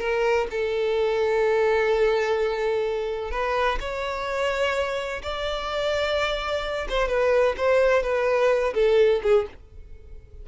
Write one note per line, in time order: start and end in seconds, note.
0.00 0.47 A#4
0.50 3.31 A4
3.31 3.78 B4
3.80 5.22 C#5
5.22 6.88 D5
6.89 7.08 C5
7.08 7.55 B4
7.57 8.03 C5
8.03 8.74 B4
8.74 9.21 A4
9.23 9.46 G#4